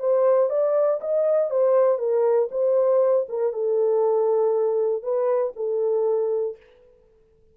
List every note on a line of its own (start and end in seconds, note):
0.00 0.50 C5
0.50 1.00 D5
1.01 1.51 D#5
1.51 1.99 C5
1.99 2.49 A#4
2.51 3.27 C5
3.29 3.53 A#4
3.53 5.03 A4
5.03 5.53 B4
5.56 6.57 A4